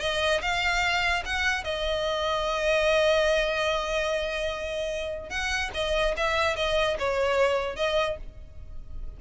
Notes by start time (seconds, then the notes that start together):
0.00 D#5
0.42 F5
1.25 F#5
1.64 D#5
5.29 F#5
5.74 D#5
6.17 E5
6.56 D#5
6.99 C#5
7.76 D#5